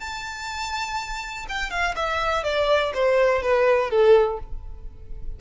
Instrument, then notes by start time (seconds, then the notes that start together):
violin
0.00 A5
1.49 G5
1.71 F5
1.96 E5
2.44 D5
2.94 C5
3.42 B4
3.91 A4